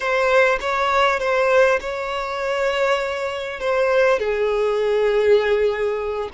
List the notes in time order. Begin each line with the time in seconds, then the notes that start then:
0.00 C5
0.60 C#5
1.19 C5
1.80 C#5
3.60 C5
4.19 G#4